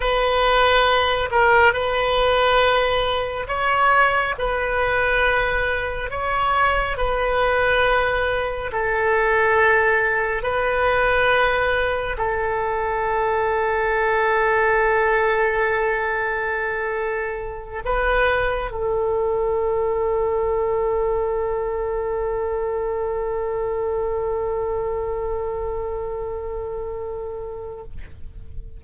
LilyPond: \new Staff \with { instrumentName = "oboe" } { \time 4/4 \tempo 4 = 69 b'4. ais'8 b'2 | cis''4 b'2 cis''4 | b'2 a'2 | b'2 a'2~ |
a'1~ | a'8 b'4 a'2~ a'8~ | a'1~ | a'1 | }